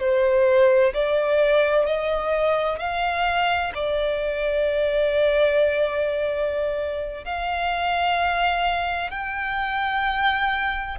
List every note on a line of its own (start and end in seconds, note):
0.00 0.94 C5
0.94 1.86 D5
1.86 2.80 D#5
2.80 3.73 F5
3.75 7.25 D5
7.25 9.11 F5
9.11 10.99 G5